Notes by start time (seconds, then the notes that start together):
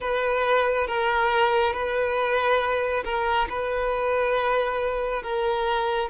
0.00 B4
0.87 A#4
1.73 B4
3.04 A#4
3.49 B4
5.23 A#4